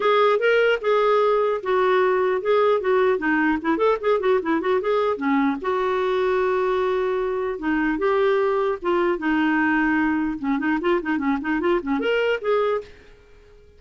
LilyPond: \new Staff \with { instrumentName = "clarinet" } { \time 4/4 \tempo 4 = 150 gis'4 ais'4 gis'2 | fis'2 gis'4 fis'4 | dis'4 e'8 a'8 gis'8 fis'8 e'8 fis'8 | gis'4 cis'4 fis'2~ |
fis'2. dis'4 | g'2 f'4 dis'4~ | dis'2 cis'8 dis'8 f'8 dis'8 | cis'8 dis'8 f'8 cis'8 ais'4 gis'4 | }